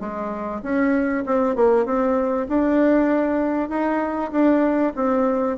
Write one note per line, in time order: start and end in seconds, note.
0.00 0.62 G#3
0.63 1.25 C#4
1.26 1.56 C4
1.56 1.86 A#3
1.86 2.47 C4
2.49 3.69 D4
3.69 4.31 D#4
4.32 4.93 D4
4.96 5.58 C4